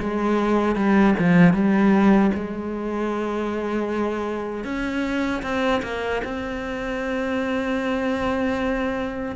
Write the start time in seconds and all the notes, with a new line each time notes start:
0.00 G#3
0.76 G3
1.19 F3
1.53 G3
2.34 G#3
4.64 C#4
5.43 C4
5.83 A#3
6.24 C4